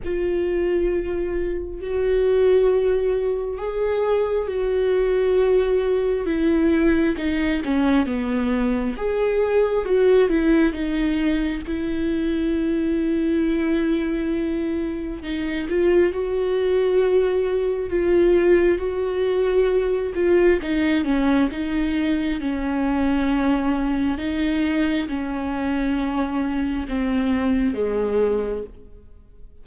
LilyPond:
\new Staff \with { instrumentName = "viola" } { \time 4/4 \tempo 4 = 67 f'2 fis'2 | gis'4 fis'2 e'4 | dis'8 cis'8 b4 gis'4 fis'8 e'8 | dis'4 e'2.~ |
e'4 dis'8 f'8 fis'2 | f'4 fis'4. f'8 dis'8 cis'8 | dis'4 cis'2 dis'4 | cis'2 c'4 gis4 | }